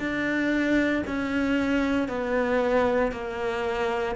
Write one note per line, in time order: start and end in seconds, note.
0.00 1.03 D4
1.07 2.09 C#4
2.09 3.12 B3
3.12 4.16 A#3